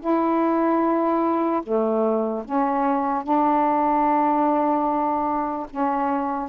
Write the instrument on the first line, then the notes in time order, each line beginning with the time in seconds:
saxophone
0.00 E4
1.63 A3
2.44 C#4
3.24 D4
5.70 C#4